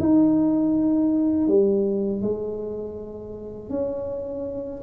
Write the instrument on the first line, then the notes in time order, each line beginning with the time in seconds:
tuba
0.00 D#4
1.48 G3
2.22 G#3
3.70 C#4